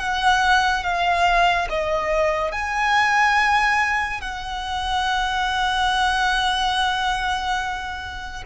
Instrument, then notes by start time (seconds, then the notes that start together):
violin
0.00 F#5
0.84 F5
1.70 D#5
2.52 G#5
4.21 F#5